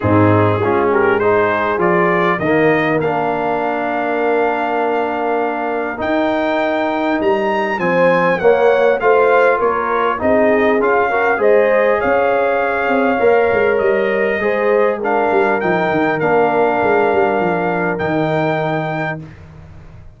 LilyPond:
<<
  \new Staff \with { instrumentName = "trumpet" } { \time 4/4 \tempo 4 = 100 gis'4. ais'8 c''4 d''4 | dis''4 f''2.~ | f''2 g''2 | ais''4 gis''4 fis''4 f''4 |
cis''4 dis''4 f''4 dis''4 | f''2. dis''4~ | dis''4 f''4 g''4 f''4~ | f''2 g''2 | }
  \new Staff \with { instrumentName = "horn" } { \time 4/4 dis'4 f'8 g'8 gis'2 | ais'1~ | ais'1~ | ais'4 c''4 cis''4 c''4 |
ais'4 gis'4. ais'8 c''4 | cis''1 | c''4 ais'2.~ | ais'1 | }
  \new Staff \with { instrumentName = "trombone" } { \time 4/4 c'4 cis'4 dis'4 f'4 | ais4 d'2.~ | d'2 dis'2~ | dis'4 c'4 ais4 f'4~ |
f'4 dis'4 f'8 fis'8 gis'4~ | gis'2 ais'2 | gis'4 d'4 dis'4 d'4~ | d'2 dis'2 | }
  \new Staff \with { instrumentName = "tuba" } { \time 4/4 gis,4 gis2 f4 | dis4 ais2.~ | ais2 dis'2 | g4 f4 ais4 a4 |
ais4 c'4 cis'4 gis4 | cis'4. c'8 ais8 gis8 g4 | gis4. g8 f8 dis8 ais4 | gis8 g8 f4 dis2 | }
>>